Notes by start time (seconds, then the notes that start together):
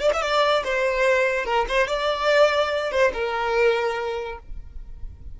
0.00 D5
0.13 E5
0.21 D5
0.64 C5
1.45 A#4
1.68 C5
1.87 D5
2.91 C5
3.13 A#4